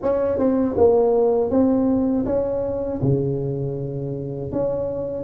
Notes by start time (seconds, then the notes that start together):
0.02 C#4
0.38 C4
0.77 A#3
1.50 C4
2.25 C#4
3.01 C#3
4.52 C#4